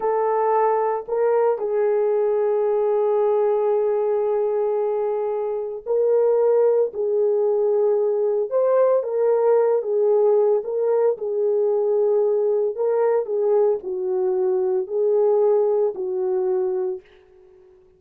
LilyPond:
\new Staff \with { instrumentName = "horn" } { \time 4/4 \tempo 4 = 113 a'2 ais'4 gis'4~ | gis'1~ | gis'2. ais'4~ | ais'4 gis'2. |
c''4 ais'4. gis'4. | ais'4 gis'2. | ais'4 gis'4 fis'2 | gis'2 fis'2 | }